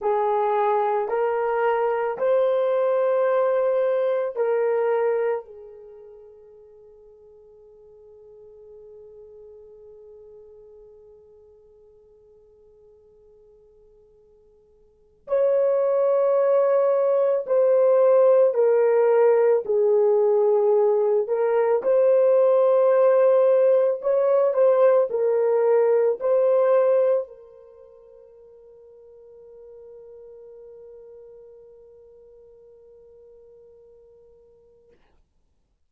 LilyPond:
\new Staff \with { instrumentName = "horn" } { \time 4/4 \tempo 4 = 55 gis'4 ais'4 c''2 | ais'4 gis'2.~ | gis'1~ | gis'2 cis''2 |
c''4 ais'4 gis'4. ais'8 | c''2 cis''8 c''8 ais'4 | c''4 ais'2.~ | ais'1 | }